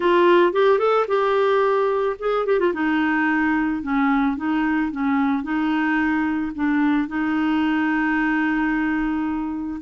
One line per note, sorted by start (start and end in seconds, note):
0.00 0.53 F4
0.53 0.79 G4
0.79 1.06 A4
1.07 2.16 G4
2.19 2.46 G#4
2.46 2.59 G4
2.59 2.73 F4
2.73 3.82 D#4
3.82 4.37 C#4
4.37 4.91 D#4
4.91 5.43 C#4
5.43 6.52 D#4
6.55 7.08 D4
7.08 9.80 D#4